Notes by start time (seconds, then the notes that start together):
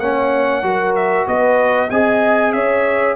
0.00 A#3 C#4 C#5 F#5
0.63 F#3 F#4 A#4
0.96 E5
1.27 B3 B4 D#5
1.91 C4 G#4 D#5 G#5
2.53 C#4 C#5 E5